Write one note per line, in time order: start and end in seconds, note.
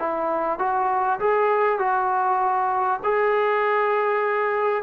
0.00 0.59 E4
0.59 1.20 F#4
1.20 1.79 G#4
1.79 3.01 F#4
3.04 4.84 G#4